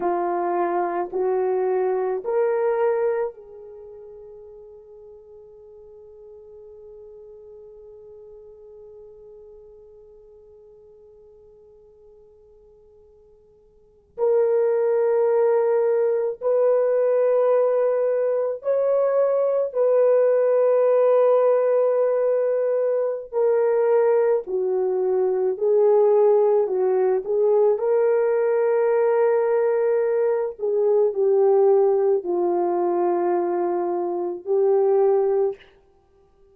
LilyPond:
\new Staff \with { instrumentName = "horn" } { \time 4/4 \tempo 4 = 54 f'4 fis'4 ais'4 gis'4~ | gis'1~ | gis'1~ | gis'8. ais'2 b'4~ b'16~ |
b'8. cis''4 b'2~ b'16~ | b'4 ais'4 fis'4 gis'4 | fis'8 gis'8 ais'2~ ais'8 gis'8 | g'4 f'2 g'4 | }